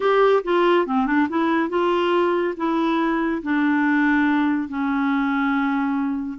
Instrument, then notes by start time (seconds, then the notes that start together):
clarinet
0.00 G4
0.43 F4
0.86 C4
1.06 D4
1.29 E4
1.69 F4
2.56 E4
3.42 D4
4.68 C#4